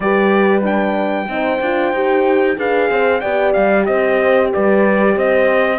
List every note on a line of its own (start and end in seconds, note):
0.00 1.27 G3
0.00 0.62 G4
0.00 1.31 B4
0.00 0.63 D5
0.62 1.27 D4
0.62 2.59 G5
1.27 1.60 C4
1.27 1.60 D#4
1.27 2.58 C5
1.60 1.92 D4
1.60 1.94 F4
1.92 2.56 D#4
1.92 2.56 G4
2.56 2.90 D4
2.56 3.21 G#4
2.56 2.90 B4
2.56 3.20 F5
2.90 3.22 C4
2.90 3.21 C5
3.20 3.55 B3
3.20 5.79 G4
3.20 3.85 D5
3.20 3.52 G5
3.53 3.88 G3
3.53 3.85 F5
3.85 4.52 C4
3.85 4.52 C5
3.85 4.50 D#5
4.52 5.16 G3
4.52 5.16 B4
4.52 5.17 D5
5.16 5.79 C4
5.16 5.79 C5
5.16 5.79 D#5